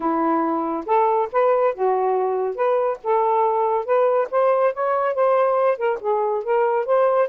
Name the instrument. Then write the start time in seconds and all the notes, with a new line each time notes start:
saxophone
0.00 E4
0.86 A4
1.32 B4
1.74 F#4
2.55 B4
3.03 A4
3.85 B4
4.30 C5
4.73 C#5
5.14 C5
5.77 A#4
6.00 G#4
6.43 A#4
6.85 C5